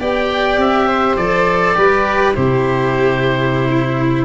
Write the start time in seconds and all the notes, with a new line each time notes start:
0.00 B3 G4 D5 G5
0.57 C4 E5
0.88 C5
1.17 F3 A4 D5
1.75 G3 G4 B4
2.35 C3 E4 G4 C5
3.70 E4